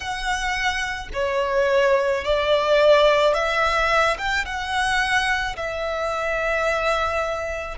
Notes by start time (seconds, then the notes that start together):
0.00 F#5
1.13 C#5
2.24 D5
3.33 E5
4.18 G5
4.44 F#5
5.56 E5